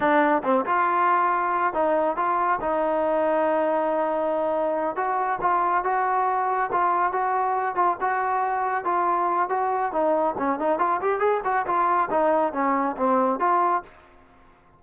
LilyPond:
\new Staff \with { instrumentName = "trombone" } { \time 4/4 \tempo 4 = 139 d'4 c'8 f'2~ f'8 | dis'4 f'4 dis'2~ | dis'2.~ dis'8 fis'8~ | fis'8 f'4 fis'2 f'8~ |
f'8 fis'4. f'8 fis'4.~ | fis'8 f'4. fis'4 dis'4 | cis'8 dis'8 f'8 g'8 gis'8 fis'8 f'4 | dis'4 cis'4 c'4 f'4 | }